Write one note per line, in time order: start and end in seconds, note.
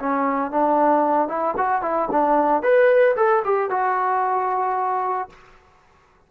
0.00 0.51 C#4
0.51 1.29 D4
1.29 1.55 E4
1.57 1.82 F#4
1.82 2.09 E4
2.12 2.63 D4
2.63 3.16 B4
3.17 3.43 A4
3.45 3.71 G4
3.71 5.30 F#4